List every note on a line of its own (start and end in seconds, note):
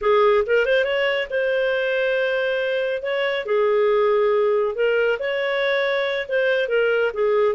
0.01 0.44 G#4
0.46 0.65 A#4
0.65 0.84 C5
0.84 1.27 C#5
1.29 3.02 C5
3.02 3.45 C#5
3.45 4.75 G#4
4.75 5.18 A#4
5.19 6.27 C#5
6.28 6.68 C5
6.68 7.11 A#4
7.13 7.55 G#4